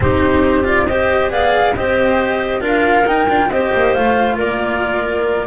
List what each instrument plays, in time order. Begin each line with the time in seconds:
0.00 double bass C4, cello D#4, clarinet G4, flute C5
0.64 cello F4, flute D5
0.87 cello G4, clarinet C5, flute D#5
1.29 double bass B3, cello G#4, clarinet D5, flute F5
1.75 double bass C4, cello G4, clarinet C5, flute D#5
2.60 double bass D4, cello F4, clarinet A#4
2.67 flute F5
3.06 cello D#4, double bass D#4, flute G5
3.28 double bass D4, cello F4
3.48 double bass C4, cello G4, clarinet C5, flute D#5
3.74 double bass A#3
3.93 double bass A3, cello F4, flute F5
4.36 double bass A#3, clarinet A#4, flute D5